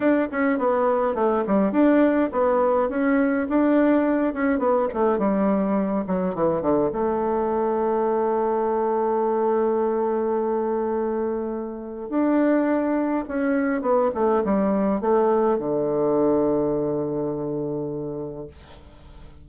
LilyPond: \new Staff \with { instrumentName = "bassoon" } { \time 4/4 \tempo 4 = 104 d'8 cis'8 b4 a8 g8 d'4 | b4 cis'4 d'4. cis'8 | b8 a8 g4. fis8 e8 d8 | a1~ |
a1~ | a4 d'2 cis'4 | b8 a8 g4 a4 d4~ | d1 | }